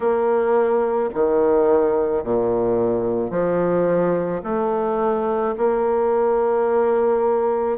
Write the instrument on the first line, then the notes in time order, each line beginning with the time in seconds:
bassoon
0.00 A#3
1.14 D#3
2.23 A#2
3.30 F3
4.43 A3
5.57 A#3